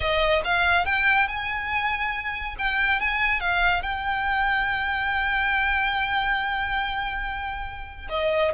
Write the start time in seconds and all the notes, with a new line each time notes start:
0.00 D#5
0.44 F5
0.85 G5
1.28 G#5
2.58 G5
3.00 G#5
3.40 F5
3.82 G5
8.09 D#5